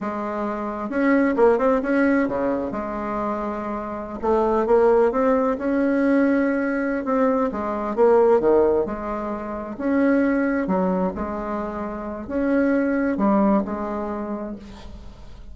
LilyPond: \new Staff \with { instrumentName = "bassoon" } { \time 4/4 \tempo 4 = 132 gis2 cis'4 ais8 c'8 | cis'4 cis4 gis2~ | gis4~ gis16 a4 ais4 c'8.~ | c'16 cis'2.~ cis'16 c'8~ |
c'8 gis4 ais4 dis4 gis8~ | gis4. cis'2 fis8~ | fis8 gis2~ gis8 cis'4~ | cis'4 g4 gis2 | }